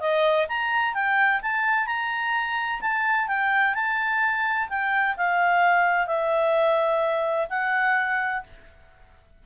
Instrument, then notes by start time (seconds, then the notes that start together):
clarinet
0.00 D#5
0.48 A#5
0.94 G5
1.42 A5
1.87 A#5
2.81 A5
3.27 G5
3.74 A5
4.69 G5
5.17 F5
6.07 E5
7.50 F#5